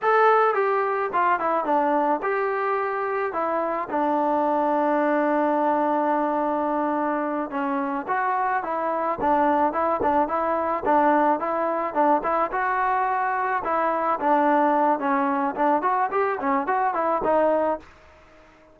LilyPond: \new Staff \with { instrumentName = "trombone" } { \time 4/4 \tempo 4 = 108 a'4 g'4 f'8 e'8 d'4 | g'2 e'4 d'4~ | d'1~ | d'4. cis'4 fis'4 e'8~ |
e'8 d'4 e'8 d'8 e'4 d'8~ | d'8 e'4 d'8 e'8 fis'4.~ | fis'8 e'4 d'4. cis'4 | d'8 fis'8 g'8 cis'8 fis'8 e'8 dis'4 | }